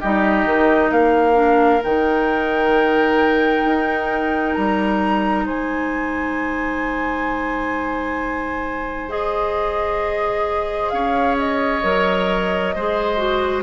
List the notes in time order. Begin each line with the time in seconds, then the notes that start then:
0.00 G3 D#4 G4 D#5
0.45 D#3
0.91 A#3 A#4 F5
1.34 D4
1.84 D#3 D#4 G5
3.65 D#4
4.55 G3 A#5
5.45 G#3 C5 G#5
9.09 G#4 D#5
10.90 C#4 C#5 F5
11.38 D#5
11.84 F#3 A#4
12.75 G#3 G#4 C5
13.17 F#4